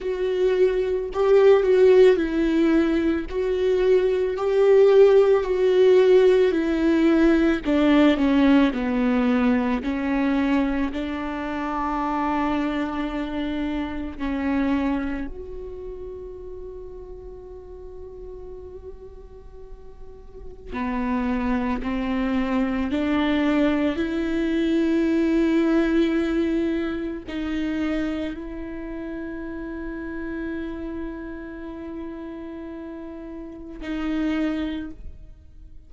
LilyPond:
\new Staff \with { instrumentName = "viola" } { \time 4/4 \tempo 4 = 55 fis'4 g'8 fis'8 e'4 fis'4 | g'4 fis'4 e'4 d'8 cis'8 | b4 cis'4 d'2~ | d'4 cis'4 fis'2~ |
fis'2. b4 | c'4 d'4 e'2~ | e'4 dis'4 e'2~ | e'2. dis'4 | }